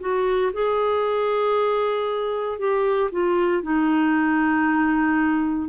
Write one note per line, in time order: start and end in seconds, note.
0.00 0.52 F#4
0.53 2.59 G#4
2.59 3.10 G4
3.12 3.63 F4
3.63 5.69 D#4